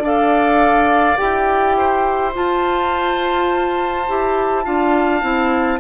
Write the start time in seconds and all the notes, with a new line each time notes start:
0.00 D4 A4 D5
0.06 F5
1.17 E4 G4 G5
1.78 C5
2.34 F4 A5
4.08 E4 G4
4.65 D4 F4 F5
5.22 C4 E4